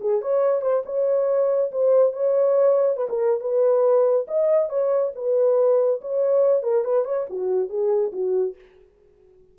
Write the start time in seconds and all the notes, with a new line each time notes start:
0.00 G#4
0.21 C#5
0.62 C5
0.85 C#5
1.71 C5
2.13 C#5
2.97 B4
3.09 A#4
3.40 B4
4.27 D#5
4.69 C#5
5.15 B4
6.01 C#5
6.63 A#4
6.84 B4
7.05 C#5
7.29 F#4
7.69 G#4
8.12 F#4